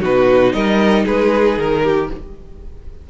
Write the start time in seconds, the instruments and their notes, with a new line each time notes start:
0.00 cello B2, viola D#4, violin F#4 B4
0.52 cello G3, violin A#4 D#5
1.04 cello G#3, violin G#4 B4
1.58 cello D#3, violin A#4
1.83 violin G4